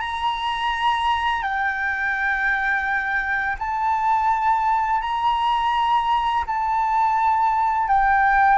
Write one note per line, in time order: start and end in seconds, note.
0.00 1.42 A#5
1.42 3.56 G5
3.58 5.01 A5
5.01 6.44 A#5
6.46 7.88 A5
7.88 8.58 G5